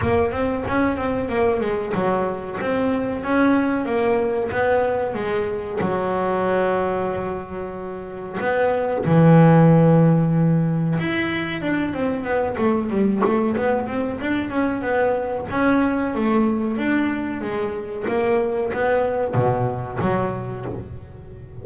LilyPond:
\new Staff \with { instrumentName = "double bass" } { \time 4/4 \tempo 4 = 93 ais8 c'8 cis'8 c'8 ais8 gis8 fis4 | c'4 cis'4 ais4 b4 | gis4 fis2.~ | fis4 b4 e2~ |
e4 e'4 d'8 c'8 b8 a8 | g8 a8 b8 c'8 d'8 cis'8 b4 | cis'4 a4 d'4 gis4 | ais4 b4 b,4 fis4 | }